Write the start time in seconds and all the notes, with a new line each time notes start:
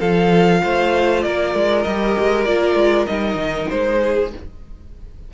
0.00 F3 F4 A4 F5
0.63 A3 C5
1.22 A#3 A#4 D5
1.54 G#3
1.83 G3 G4 D#5
2.19 G#3
2.45 A#3 F4 D5
2.75 G#3
3.07 G3 D#4 D#5
3.35 D#3
3.70 G#3 C5
4.01 G#4